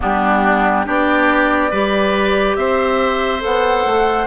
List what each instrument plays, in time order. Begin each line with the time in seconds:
0.00 bassoon G3, clarinet B3, oboe D4, flute G4
0.85 bassoon B3, clarinet D4, oboe G4, flute D5
1.70 bassoon G3, clarinet G4, oboe B4
2.56 bassoon C4, oboe C5, flute E5
3.40 bassoon B3, clarinet A4, flute F#5
3.85 bassoon A3